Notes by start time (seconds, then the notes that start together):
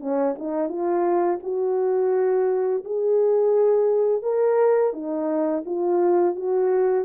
0.00 C#4
0.39 D#4
0.69 F4
1.43 F#4
2.85 G#4
4.23 A#4
4.93 D#4
5.66 F4
6.36 F#4